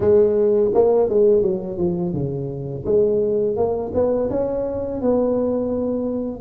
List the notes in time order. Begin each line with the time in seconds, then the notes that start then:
0.00 G#3
0.74 A#3
1.09 G#3
1.42 F#3
1.77 F3
2.13 C#3
2.85 G#3
3.56 A#3
3.94 B3
4.30 C#4
5.01 B3